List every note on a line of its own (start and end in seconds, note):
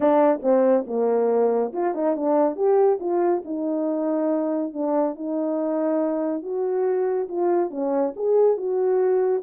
0.00 0.40 D4
0.42 0.85 C4
0.86 1.72 A#3
1.72 1.94 F4
1.94 2.15 D#4
2.16 2.55 D4
2.55 2.98 G4
2.99 3.42 F4
3.44 4.73 D#4
4.73 5.15 D4
5.15 6.42 D#4
6.42 7.28 F#4
7.28 7.70 F4
7.70 8.13 C#4
8.15 8.57 G#4
8.57 9.42 F#4